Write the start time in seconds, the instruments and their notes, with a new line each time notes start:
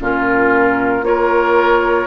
0.00 bassoon A#2, clarinet C#4, oboe F4, flute A#4
1.02 bassoon A#3, clarinet F4, oboe A#4, flute C#5